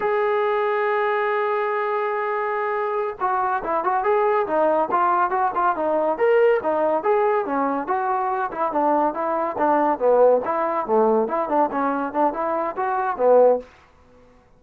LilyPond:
\new Staff \with { instrumentName = "trombone" } { \time 4/4 \tempo 4 = 141 gis'1~ | gis'2.~ gis'8 fis'8~ | fis'8 e'8 fis'8 gis'4 dis'4 f'8~ | f'8 fis'8 f'8 dis'4 ais'4 dis'8~ |
dis'8 gis'4 cis'4 fis'4. | e'8 d'4 e'4 d'4 b8~ | b8 e'4 a4 e'8 d'8 cis'8~ | cis'8 d'8 e'4 fis'4 b4 | }